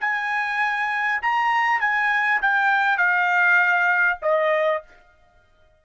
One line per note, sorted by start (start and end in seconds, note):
0.00 1.21 G#5
1.22 1.80 A#5
1.80 2.40 G#5
2.41 2.97 G5
2.97 4.18 F5
4.22 4.82 D#5